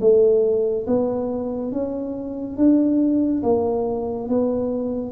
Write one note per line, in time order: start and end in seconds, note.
0.00 0.86 A3
0.86 1.72 B3
1.72 2.56 C#4
2.56 3.42 D4
3.42 4.28 A#3
4.28 5.11 B3